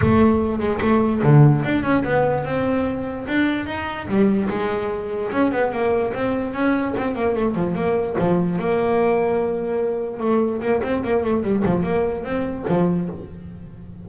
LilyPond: \new Staff \with { instrumentName = "double bass" } { \time 4/4 \tempo 4 = 147 a4. gis8 a4 d4 | d'8 cis'8 b4 c'2 | d'4 dis'4 g4 gis4~ | gis4 cis'8 b8 ais4 c'4 |
cis'4 c'8 ais8 a8 f8 ais4 | f4 ais2.~ | ais4 a4 ais8 c'8 ais8 a8 | g8 f8 ais4 c'4 f4 | }